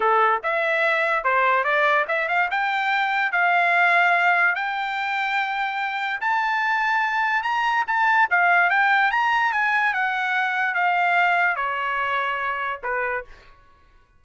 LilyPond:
\new Staff \with { instrumentName = "trumpet" } { \time 4/4 \tempo 4 = 145 a'4 e''2 c''4 | d''4 e''8 f''8 g''2 | f''2. g''4~ | g''2. a''4~ |
a''2 ais''4 a''4 | f''4 g''4 ais''4 gis''4 | fis''2 f''2 | cis''2. b'4 | }